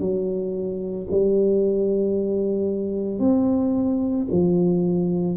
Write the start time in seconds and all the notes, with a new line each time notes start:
0.00 F#3
1.11 G3
3.19 C4
4.31 F3